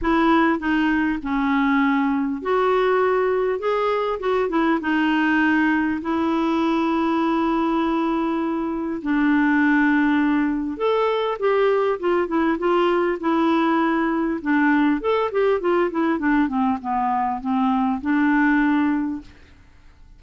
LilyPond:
\new Staff \with { instrumentName = "clarinet" } { \time 4/4 \tempo 4 = 100 e'4 dis'4 cis'2 | fis'2 gis'4 fis'8 e'8 | dis'2 e'2~ | e'2. d'4~ |
d'2 a'4 g'4 | f'8 e'8 f'4 e'2 | d'4 a'8 g'8 f'8 e'8 d'8 c'8 | b4 c'4 d'2 | }